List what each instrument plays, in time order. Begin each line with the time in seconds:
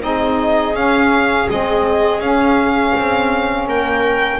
0.00 double bass C4, saxophone D#4, viola G#4, violin D#5
0.74 double bass C#4, saxophone C#4, violin F5
1.49 double bass G#3, saxophone C4, violin D#5
2.20 double bass C#4, saxophone C#4, violin F5
2.96 double bass C4
3.68 double bass A#3, viola A#4, violin G5